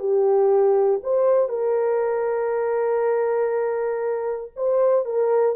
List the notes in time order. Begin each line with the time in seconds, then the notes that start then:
0.00 G4
1.04 C5
1.49 A#4
4.57 C5
5.05 A#4